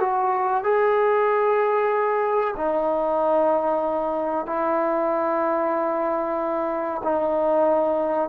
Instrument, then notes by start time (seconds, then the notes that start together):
trombone
0.00 F#4
0.64 G#4
2.57 D#4
4.47 E4
7.04 D#4